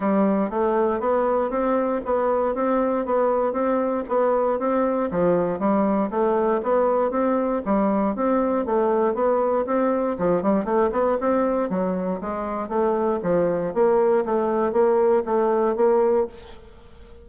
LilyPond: \new Staff \with { instrumentName = "bassoon" } { \time 4/4 \tempo 4 = 118 g4 a4 b4 c'4 | b4 c'4 b4 c'4 | b4 c'4 f4 g4 | a4 b4 c'4 g4 |
c'4 a4 b4 c'4 | f8 g8 a8 b8 c'4 fis4 | gis4 a4 f4 ais4 | a4 ais4 a4 ais4 | }